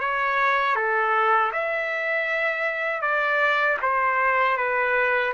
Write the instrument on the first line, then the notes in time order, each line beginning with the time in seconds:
trumpet
0.00 C#5
0.76 A4
1.53 E5
3.02 D5
3.82 C5
4.57 B4